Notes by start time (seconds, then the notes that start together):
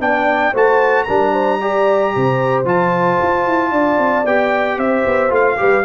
0.00 B3 D4 D5 G5
0.52 A3 F#4 C5 A5
1.04 G3 D4 A#4 A#5
1.32 C5
1.62 G4 D5
2.16 C3 C5
2.65 F3 F4 A5
3.22 F4
3.47 E4
3.72 D4 D5
3.98 C4
4.25 B3 G4 G5
4.78 C4 C5 E5
5.06 B3
5.30 A3 F4 F5
5.57 G3 G4 B4